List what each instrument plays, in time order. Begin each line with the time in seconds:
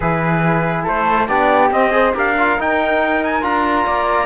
0.00 cello E3, trombone E4, flute G#4, trumpet B4
0.84 cello A3, flute A4, trumpet C5
1.27 cello B3, trombone D4, flute G4, trumpet D5
1.70 cello C4, trombone C4, trumpet D#5
1.91 trombone G#4, flute C5
2.13 cello D4, trombone G4, flute A#4, trumpet F5
2.38 trombone F4
2.59 trombone D#4, cello D#4, trumpet G5
3.24 trumpet G#5
3.41 cello D4, trombone F4, trumpet A#5
3.86 cello A#3, flute D5